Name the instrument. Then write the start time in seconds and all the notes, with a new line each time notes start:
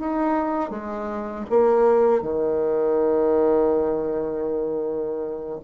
bassoon
0.00 D#4
0.71 G#3
1.50 A#3
2.22 D#3